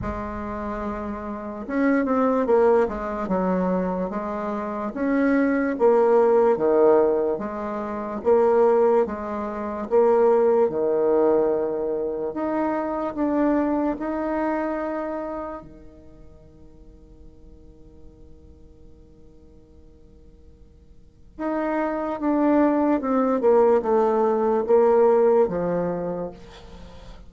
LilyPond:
\new Staff \with { instrumentName = "bassoon" } { \time 4/4 \tempo 4 = 73 gis2 cis'8 c'8 ais8 gis8 | fis4 gis4 cis'4 ais4 | dis4 gis4 ais4 gis4 | ais4 dis2 dis'4 |
d'4 dis'2 dis4~ | dis1~ | dis2 dis'4 d'4 | c'8 ais8 a4 ais4 f4 | }